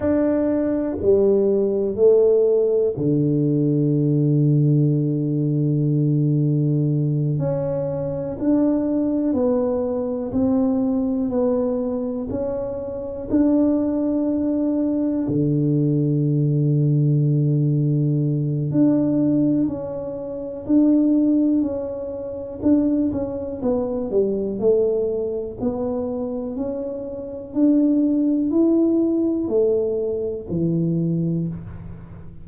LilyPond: \new Staff \with { instrumentName = "tuba" } { \time 4/4 \tempo 4 = 61 d'4 g4 a4 d4~ | d2.~ d8 cis'8~ | cis'8 d'4 b4 c'4 b8~ | b8 cis'4 d'2 d8~ |
d2. d'4 | cis'4 d'4 cis'4 d'8 cis'8 | b8 g8 a4 b4 cis'4 | d'4 e'4 a4 e4 | }